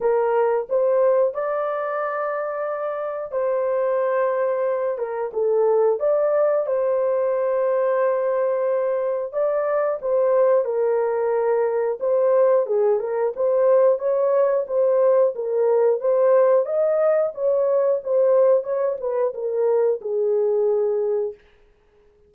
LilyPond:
\new Staff \with { instrumentName = "horn" } { \time 4/4 \tempo 4 = 90 ais'4 c''4 d''2~ | d''4 c''2~ c''8 ais'8 | a'4 d''4 c''2~ | c''2 d''4 c''4 |
ais'2 c''4 gis'8 ais'8 | c''4 cis''4 c''4 ais'4 | c''4 dis''4 cis''4 c''4 | cis''8 b'8 ais'4 gis'2 | }